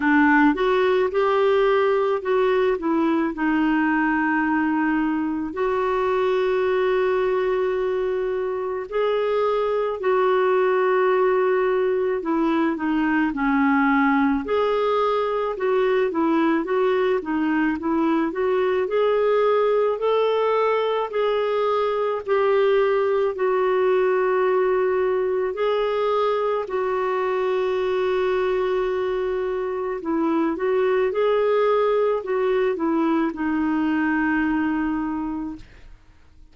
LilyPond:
\new Staff \with { instrumentName = "clarinet" } { \time 4/4 \tempo 4 = 54 d'8 fis'8 g'4 fis'8 e'8 dis'4~ | dis'4 fis'2. | gis'4 fis'2 e'8 dis'8 | cis'4 gis'4 fis'8 e'8 fis'8 dis'8 |
e'8 fis'8 gis'4 a'4 gis'4 | g'4 fis'2 gis'4 | fis'2. e'8 fis'8 | gis'4 fis'8 e'8 dis'2 | }